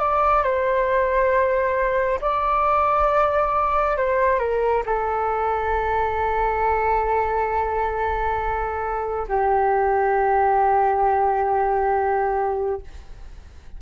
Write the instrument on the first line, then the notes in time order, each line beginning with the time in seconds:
flute
0.00 D5
0.43 C5
2.21 D5
3.97 C5
4.40 A#4
4.86 A4
9.29 G4